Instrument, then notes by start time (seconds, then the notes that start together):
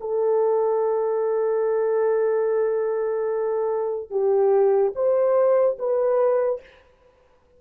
horn
0.00 A4
4.10 G4
4.95 C5
5.78 B4